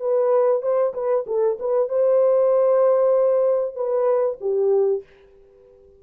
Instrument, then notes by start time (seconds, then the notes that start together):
horn
0.00 B4
0.62 C5
0.94 B4
1.27 A4
1.59 B4
1.89 C5
3.75 B4
4.41 G4